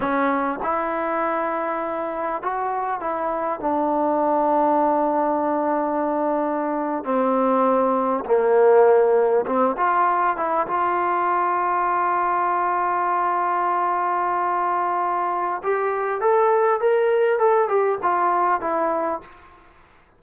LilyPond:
\new Staff \with { instrumentName = "trombone" } { \time 4/4 \tempo 4 = 100 cis'4 e'2. | fis'4 e'4 d'2~ | d'2.~ d'8. c'16~ | c'4.~ c'16 ais2 c'16~ |
c'16 f'4 e'8 f'2~ f'16~ | f'1~ | f'2 g'4 a'4 | ais'4 a'8 g'8 f'4 e'4 | }